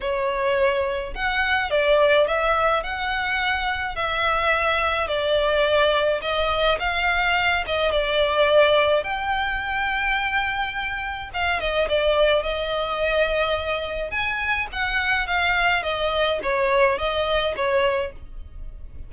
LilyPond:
\new Staff \with { instrumentName = "violin" } { \time 4/4 \tempo 4 = 106 cis''2 fis''4 d''4 | e''4 fis''2 e''4~ | e''4 d''2 dis''4 | f''4. dis''8 d''2 |
g''1 | f''8 dis''8 d''4 dis''2~ | dis''4 gis''4 fis''4 f''4 | dis''4 cis''4 dis''4 cis''4 | }